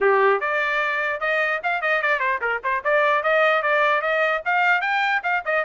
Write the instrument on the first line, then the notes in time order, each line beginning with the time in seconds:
trumpet
0.00 G4
0.40 D5
1.20 D#5
1.63 F5
1.81 D#5
2.01 D5
2.19 C5
2.41 A#4
2.63 C5
2.84 D5
3.23 D#5
3.62 D5
4.01 D#5
4.45 F5
4.81 G5
5.23 F5
5.45 D#5